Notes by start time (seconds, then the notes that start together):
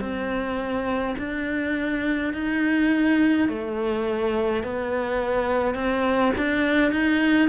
0.00 C4
1.18 D4
2.33 D#4
3.48 A3
4.63 B3
5.74 C4
6.37 D4
6.92 D#4